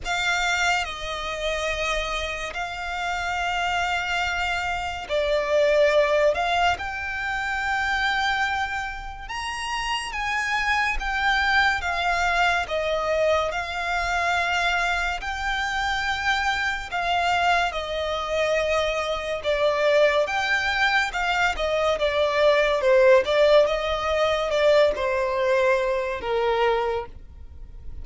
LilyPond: \new Staff \with { instrumentName = "violin" } { \time 4/4 \tempo 4 = 71 f''4 dis''2 f''4~ | f''2 d''4. f''8 | g''2. ais''4 | gis''4 g''4 f''4 dis''4 |
f''2 g''2 | f''4 dis''2 d''4 | g''4 f''8 dis''8 d''4 c''8 d''8 | dis''4 d''8 c''4. ais'4 | }